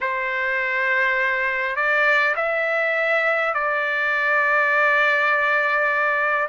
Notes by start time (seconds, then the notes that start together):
0.00 C5
1.75 D5
2.36 E5
3.53 D5